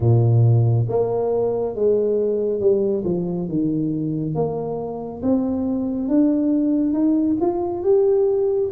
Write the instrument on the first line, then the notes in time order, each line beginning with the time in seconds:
tuba
0.00 A#2
0.89 A#3
1.75 G#3
2.60 G3
3.04 F3
3.48 D#3
4.34 A#3
5.22 C4
6.08 D4
6.93 D#4
7.41 F4
7.83 G4